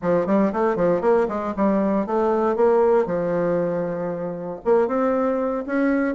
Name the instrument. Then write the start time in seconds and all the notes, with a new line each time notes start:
bassoon
0.02 F3
0.26 G3
0.52 A3
0.76 F3
1.01 A#3
1.28 G#3
1.56 G3
2.06 A3
2.55 A#3
3.06 F3
4.64 A#3
4.87 C4
5.66 C#4